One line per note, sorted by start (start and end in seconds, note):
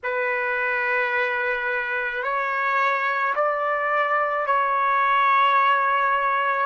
0.03 2.23 B4
2.23 3.34 C#5
3.35 4.46 D5
4.46 6.66 C#5